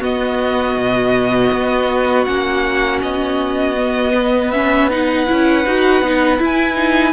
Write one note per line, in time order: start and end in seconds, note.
0.00 2.25 B3
0.00 0.76 B3
0.00 4.12 F#4
0.00 2.25 D#5
0.77 1.52 B2
1.53 2.27 B3
2.25 3.02 A#3
2.25 3.76 C#4
2.25 3.00 F#5
3.03 5.28 B3
3.03 4.51 D#5
3.77 4.52 B3
4.14 7.13 B4
4.51 4.90 C#4
4.51 4.89 E5
4.90 5.26 D#4
4.90 6.42 F#5
5.26 5.66 C#4
5.26 5.64 E4
5.66 6.02 D#4
5.66 6.03 F#4
6.02 6.40 B3
6.02 6.38 D#4
6.38 6.75 E4
6.38 7.13 E4
6.45 7.13 G#5
6.75 7.13 D#4